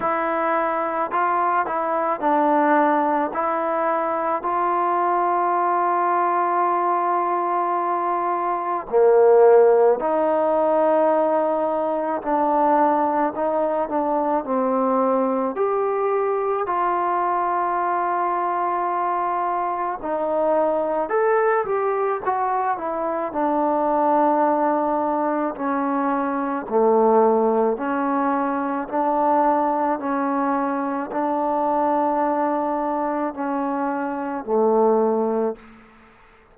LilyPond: \new Staff \with { instrumentName = "trombone" } { \time 4/4 \tempo 4 = 54 e'4 f'8 e'8 d'4 e'4 | f'1 | ais4 dis'2 d'4 | dis'8 d'8 c'4 g'4 f'4~ |
f'2 dis'4 a'8 g'8 | fis'8 e'8 d'2 cis'4 | a4 cis'4 d'4 cis'4 | d'2 cis'4 a4 | }